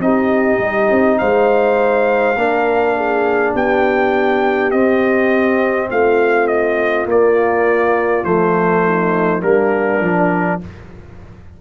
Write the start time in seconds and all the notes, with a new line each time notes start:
0.00 C4 D#4 G4 D#5
0.59 G3
0.91 C4
1.18 G#3 C5 F5
2.36 A#3 D4 A#4
2.96 G#4
3.54 B3 G4 G5
4.71 C4 D#5
5.91 A3 F4 F5
6.48 D#5
7.06 A#3 D5
8.24 F3 A3 C5
8.87 D#4
9.42 G3 A#3 D4 A#4
10.00 F3 D4